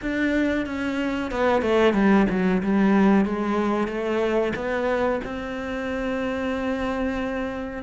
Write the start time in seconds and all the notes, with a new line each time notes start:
0.02 D4
0.66 C#4
1.31 B3
1.62 A3
1.93 G3
2.29 F#3
2.63 G3
3.25 G#3
3.87 A3
4.55 B3
5.24 C4